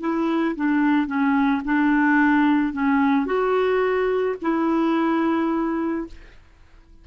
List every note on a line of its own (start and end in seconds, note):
0.00 0.55 E4
0.55 1.07 D4
1.07 1.62 C#4
1.64 2.73 D4
2.73 3.25 C#4
3.25 4.35 F#4
4.41 6.07 E4